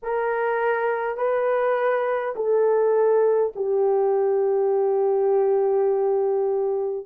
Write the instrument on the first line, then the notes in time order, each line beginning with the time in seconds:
horn
0.02 A#4
1.17 B4
2.35 A4
3.55 G4